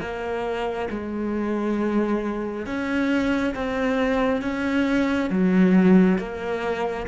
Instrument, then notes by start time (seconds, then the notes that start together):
cello
0.00 A#3
0.90 G#3
2.66 C#4
3.55 C4
4.42 C#4
5.30 F#3
6.18 A#3